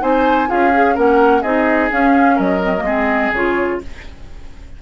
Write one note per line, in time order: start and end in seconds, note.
0.00 0.49 C4
0.00 0.47 D#4
0.00 0.49 C5
0.00 0.49 G#5
0.47 0.97 C#4
0.47 0.71 F4
0.47 0.95 G#4
0.47 0.97 F5
0.73 0.95 G#4
0.95 1.43 A#3
0.95 1.42 C#4
0.95 1.42 A#4
0.95 1.42 F#5
1.42 1.90 C4
1.42 1.90 D#4
1.42 2.35 G#4
1.42 1.89 D#5
1.90 2.61 C#4
1.90 2.38 C#4
1.90 2.38 F5
2.35 2.81 F#3
2.35 2.83 A#4
2.35 3.33 D#5
2.62 2.74 C4
2.76 3.29 G#3
2.76 2.86 A#3
2.85 3.34 C4
2.85 3.80 G#4
3.32 3.80 C#3
3.32 3.82 F4
3.32 3.81 C#5